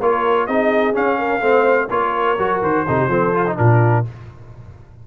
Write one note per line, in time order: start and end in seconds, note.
0.00 0.48 A#3
0.00 0.48 F4
0.00 0.47 A#4
0.00 0.46 C#5
0.46 0.95 C4
0.46 0.93 D#4
0.46 1.18 G#4
0.46 0.94 D#5
0.93 1.40 C#4
0.93 1.41 C#4
0.93 1.89 F5
1.18 1.40 A#4
1.40 1.89 A3
1.40 1.89 C4
1.40 1.88 C5
1.89 2.37 A#3
1.89 2.38 F4
1.89 2.86 A#4
1.89 2.61 C#5
2.38 2.62 F#3
2.38 2.86 F#4
2.62 2.85 D#3
2.62 3.57 C5
2.87 3.08 C3
2.87 3.10 D#4
2.87 2.98 A4
2.98 3.08 G4
3.08 3.55 F3
3.08 3.33 C4
3.08 3.56 A4
3.34 3.46 F4
3.47 3.57 D#4
3.57 4.06 A#2
3.57 4.05 D4
3.57 4.07 F4
3.57 4.05 A#4